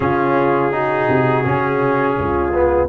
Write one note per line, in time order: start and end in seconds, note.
0.00 1.07 C#3
0.00 0.71 C#4
0.00 0.73 F4
0.00 2.88 G#4
0.71 1.44 D#4
0.71 2.17 F#4
1.07 1.44 C3
1.44 2.17 C#3
1.44 2.53 C#4
2.17 2.88 C#2
2.17 2.88 F4
2.53 2.88 B3